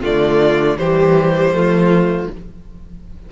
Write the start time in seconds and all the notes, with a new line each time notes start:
0.00 D3 A3 F4 D5
0.77 E3 G3 G4 C5
1.51 F3 A3 F4